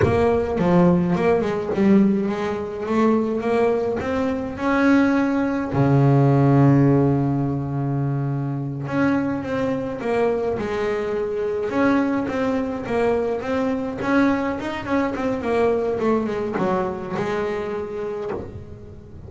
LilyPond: \new Staff \with { instrumentName = "double bass" } { \time 4/4 \tempo 4 = 105 ais4 f4 ais8 gis8 g4 | gis4 a4 ais4 c'4 | cis'2 cis2~ | cis2.~ cis8 cis'8~ |
cis'8 c'4 ais4 gis4.~ | gis8 cis'4 c'4 ais4 c'8~ | c'8 cis'4 dis'8 cis'8 c'8 ais4 | a8 gis8 fis4 gis2 | }